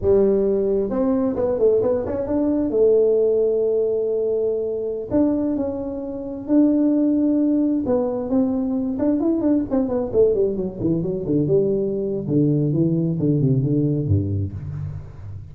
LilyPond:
\new Staff \with { instrumentName = "tuba" } { \time 4/4 \tempo 4 = 132 g2 c'4 b8 a8 | b8 cis'8 d'4 a2~ | a2.~ a16 d'8.~ | d'16 cis'2 d'4.~ d'16~ |
d'4~ d'16 b4 c'4. d'16~ | d'16 e'8 d'8 c'8 b8 a8 g8 fis8 e16~ | e16 fis8 d8 g4.~ g16 d4 | e4 d8 c8 d4 g,4 | }